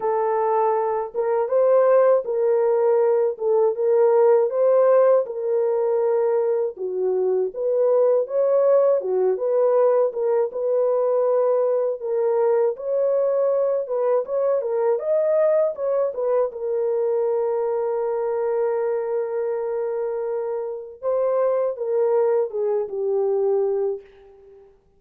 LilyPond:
\new Staff \with { instrumentName = "horn" } { \time 4/4 \tempo 4 = 80 a'4. ais'8 c''4 ais'4~ | ais'8 a'8 ais'4 c''4 ais'4~ | ais'4 fis'4 b'4 cis''4 | fis'8 b'4 ais'8 b'2 |
ais'4 cis''4. b'8 cis''8 ais'8 | dis''4 cis''8 b'8 ais'2~ | ais'1 | c''4 ais'4 gis'8 g'4. | }